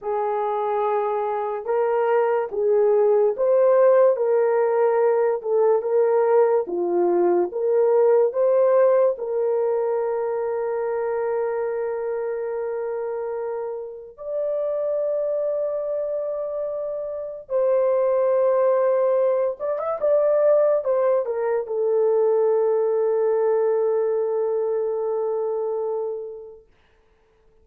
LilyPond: \new Staff \with { instrumentName = "horn" } { \time 4/4 \tempo 4 = 72 gis'2 ais'4 gis'4 | c''4 ais'4. a'8 ais'4 | f'4 ais'4 c''4 ais'4~ | ais'1~ |
ais'4 d''2.~ | d''4 c''2~ c''8 d''16 e''16 | d''4 c''8 ais'8 a'2~ | a'1 | }